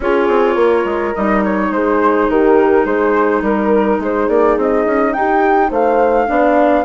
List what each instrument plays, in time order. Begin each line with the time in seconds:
0.00 bassoon C#4, clarinet F4, horn G#4, flute C#5
0.28 bassoon C4
0.55 bassoon A#3, horn A#4
0.84 bassoon G#3
1.14 bassoon G3, clarinet D#4, flute D#5
1.44 flute C#5
1.70 bassoon G#3, horn G#4, flute C5
2.28 bassoon D#3, horn G4, flute A#4
2.84 bassoon G#3, horn G#4, flute C5
3.41 bassoon G3, horn A#4, flute A#4
3.99 bassoon G#3, horn G#4, flute C5
4.28 bassoon A#3, flute D5
4.57 bassoon C4, flute D#5
4.85 bassoon C#4
5.13 bassoon D#4, horn G4, flute G5
5.69 bassoon A3, horn C5, flute F5
6.27 bassoon B3, clarinet D4, horn D5